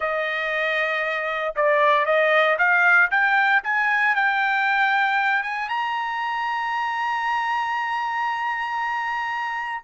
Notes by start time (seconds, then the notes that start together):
0.00 D#5
1.55 D5
2.05 D#5
2.58 F5
3.10 G5
3.63 G#5
4.15 G5
5.43 G#5
5.68 A#5